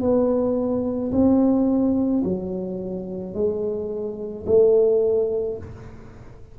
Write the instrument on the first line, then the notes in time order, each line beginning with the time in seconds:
tuba
0.00 B3
1.12 C4
2.24 F#3
3.34 G#3
4.46 A3